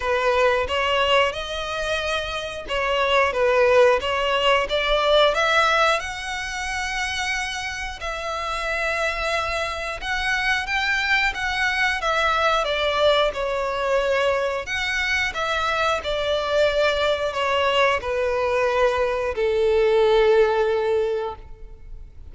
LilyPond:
\new Staff \with { instrumentName = "violin" } { \time 4/4 \tempo 4 = 90 b'4 cis''4 dis''2 | cis''4 b'4 cis''4 d''4 | e''4 fis''2. | e''2. fis''4 |
g''4 fis''4 e''4 d''4 | cis''2 fis''4 e''4 | d''2 cis''4 b'4~ | b'4 a'2. | }